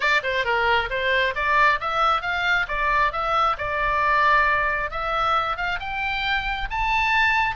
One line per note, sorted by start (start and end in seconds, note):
0.00 0.21 D5
0.23 0.44 C5
0.44 0.89 A#4
0.90 1.34 C5
1.35 1.79 D5
1.80 2.21 E5
2.21 2.66 F5
2.67 3.12 D5
3.12 3.57 E5
3.57 4.91 D5
4.91 5.56 E5
5.56 5.79 F5
5.79 6.68 G5
6.70 7.55 A5